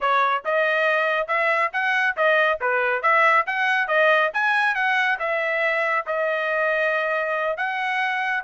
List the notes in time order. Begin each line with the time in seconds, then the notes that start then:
0.01 C#5
0.44 D#5
1.27 E5
1.73 F#5
2.16 D#5
2.60 B4
3.02 E5
3.46 F#5
3.87 D#5
4.33 G#5
4.75 F#5
5.19 E5
6.06 D#5
7.57 F#5